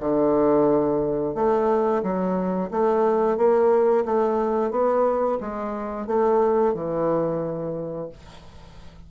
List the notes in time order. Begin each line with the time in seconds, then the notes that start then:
0.00 D3
1.35 A3
2.03 F#3
2.71 A3
3.37 A#3
4.05 A3
4.71 B3
5.40 G#3
6.06 A3
6.74 E3